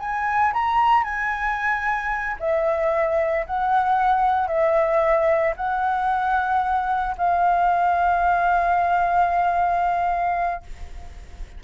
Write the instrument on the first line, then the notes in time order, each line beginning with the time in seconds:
flute
0.00 G#5
0.53 A#5
1.04 G#5
2.40 E5
3.47 F#5
4.48 E5
5.57 F#5
7.18 F5